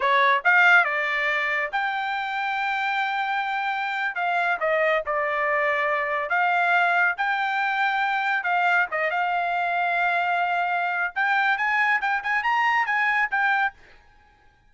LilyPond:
\new Staff \with { instrumentName = "trumpet" } { \time 4/4 \tempo 4 = 140 cis''4 f''4 d''2 | g''1~ | g''4.~ g''16 f''4 dis''4 d''16~ | d''2~ d''8. f''4~ f''16~ |
f''8. g''2. f''16~ | f''8. dis''8 f''2~ f''8.~ | f''2 g''4 gis''4 | g''8 gis''8 ais''4 gis''4 g''4 | }